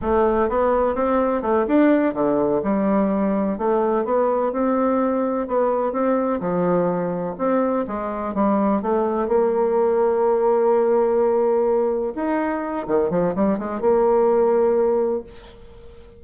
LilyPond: \new Staff \with { instrumentName = "bassoon" } { \time 4/4 \tempo 4 = 126 a4 b4 c'4 a8 d'8~ | d'8 d4 g2 a8~ | a8 b4 c'2 b8~ | b8 c'4 f2 c'8~ |
c'8 gis4 g4 a4 ais8~ | ais1~ | ais4. dis'4. dis8 f8 | g8 gis8 ais2. | }